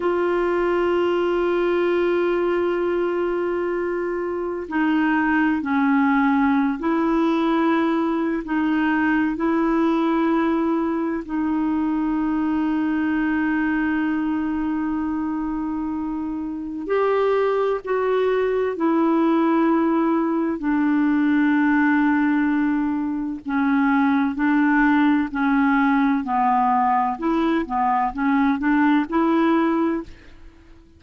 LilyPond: \new Staff \with { instrumentName = "clarinet" } { \time 4/4 \tempo 4 = 64 f'1~ | f'4 dis'4 cis'4~ cis'16 e'8.~ | e'4 dis'4 e'2 | dis'1~ |
dis'2 g'4 fis'4 | e'2 d'2~ | d'4 cis'4 d'4 cis'4 | b4 e'8 b8 cis'8 d'8 e'4 | }